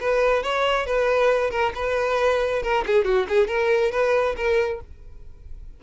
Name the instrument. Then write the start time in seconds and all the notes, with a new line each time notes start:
violin
0.00 B4
0.43 C#5
0.86 B4
1.50 A#4
1.75 B4
2.63 A#4
2.86 G#4
3.05 F#4
3.29 G#4
3.47 A#4
3.91 B4
4.36 A#4